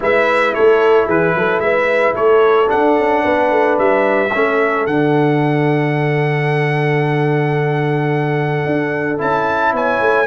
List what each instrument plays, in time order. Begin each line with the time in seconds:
0.00 tuba G#3, trombone E4, horn B4, trumpet E5
0.53 tuba A3, horn A4, trumpet C#5
1.06 tuba E3, horn G#4, trumpet B4
1.35 tuba F#3, horn A4
1.58 tuba G#3, horn B4, trumpet E5
2.15 tuba A3, horn A4, trumpet C#5
2.66 trombone D4, tuba D4, trumpet F#5
2.97 tuba C#4
3.23 tuba B3, horn B4
3.50 tuba A3
3.78 tuba G3, trumpet E5
4.32 tuba A3, trombone C#4, horn A4
4.86 tuba D3, trombone D4, trumpet F#5
8.66 tuba D4
9.18 tuba C#4, trombone E4, trumpet A5
9.73 tuba B3, horn C#5, trumpet G#5
10.00 tuba A3